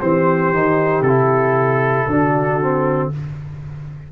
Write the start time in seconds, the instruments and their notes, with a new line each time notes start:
0.00 tuba E3, trombone C4, horn G4, trumpet C5
0.53 tuba D#3, trombone D#4
1.02 tuba C3, trombone E4, trumpet A4
2.07 tuba D3, trombone D4, horn F#4
2.61 trombone C4